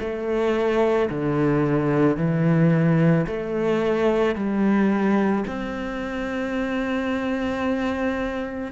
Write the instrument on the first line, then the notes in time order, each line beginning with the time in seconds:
cello
0.00 A3
1.10 D3
2.17 E3
3.27 A3
4.35 G3
5.47 C4